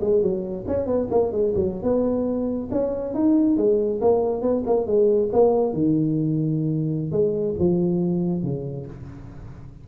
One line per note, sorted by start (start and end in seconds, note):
0.00 0.22 G#3
0.22 0.65 F#3
0.67 0.86 C#4
0.86 1.07 B3
1.10 1.31 A#3
1.31 1.53 G#3
1.54 1.82 F#3
1.82 2.69 B3
2.71 3.14 C#4
3.14 3.57 D#4
3.57 4.00 G#3
4.01 4.41 A#3
4.41 4.63 B3
4.66 4.86 A#3
4.86 5.29 G#3
5.32 5.73 A#3
5.73 7.11 D#3
7.11 7.54 G#3
7.59 8.43 F3
8.43 8.86 C#3